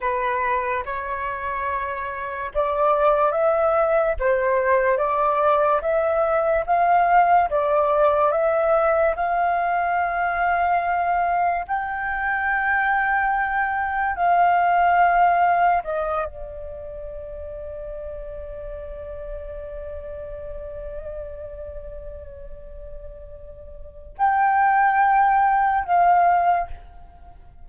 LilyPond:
\new Staff \with { instrumentName = "flute" } { \time 4/4 \tempo 4 = 72 b'4 cis''2 d''4 | e''4 c''4 d''4 e''4 | f''4 d''4 e''4 f''4~ | f''2 g''2~ |
g''4 f''2 dis''8 d''8~ | d''1~ | d''1~ | d''4 g''2 f''4 | }